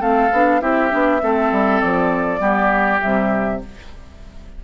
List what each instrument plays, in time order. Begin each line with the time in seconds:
0.00 bassoon A3, clarinet C4, oboe A4, flute F5
0.32 bassoon B3, clarinet D4
0.61 bassoon C4, clarinet E4, oboe G4, flute E5
0.90 bassoon B3, clarinet D4
1.21 bassoon A3, clarinet C4, oboe A4
1.51 bassoon G3
1.81 bassoon F3, flute D5
2.39 bassoon G3, clarinet B3, oboe G4
3.00 bassoon C3, clarinet G3, flute E5